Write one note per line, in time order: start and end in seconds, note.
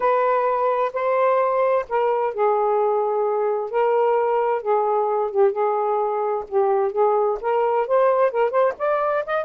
0.00 0.92 B4
0.93 1.85 C5
1.88 2.33 A#4
2.33 3.70 G#4
3.70 4.62 A#4
4.62 5.31 G#4
5.31 5.52 G4
5.52 6.44 G#4
6.48 6.92 G4
6.92 7.38 G#4
7.41 7.87 A#4
7.87 8.31 C5
8.31 8.50 A#4
8.50 8.73 C5
8.78 9.24 D5
9.25 9.44 D#5